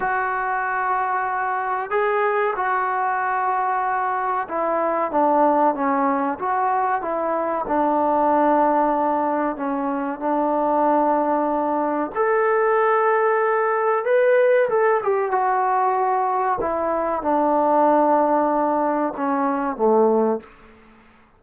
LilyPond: \new Staff \with { instrumentName = "trombone" } { \time 4/4 \tempo 4 = 94 fis'2. gis'4 | fis'2. e'4 | d'4 cis'4 fis'4 e'4 | d'2. cis'4 |
d'2. a'4~ | a'2 b'4 a'8 g'8 | fis'2 e'4 d'4~ | d'2 cis'4 a4 | }